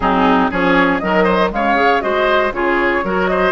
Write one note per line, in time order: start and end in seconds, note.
0.00 0.49 F#3
0.00 0.51 C4
0.00 0.50 D#4
0.00 0.50 G#4
0.50 1.01 F3
0.50 1.01 C#4
0.50 1.01 G#4
0.50 0.98 C#5
0.98 1.51 D#3
0.98 1.51 F#3
0.98 1.24 A#4
0.98 1.49 D#5
1.24 1.49 C5
1.51 2.03 C#3
1.51 1.76 G#3
1.51 2.03 C#5
1.51 2.01 F5
1.76 2.00 G#4
2.00 2.52 G#3
2.00 2.51 F#4
2.00 2.53 C5
2.00 2.51 D#5
2.52 3.02 C#3
2.52 3.03 F4
2.52 3.04 G#4
2.52 3.27 C#5
3.03 3.52 F#3
3.03 3.52 F#4
3.03 3.30 A#4
3.27 3.52 C5
3.27 3.52 D#5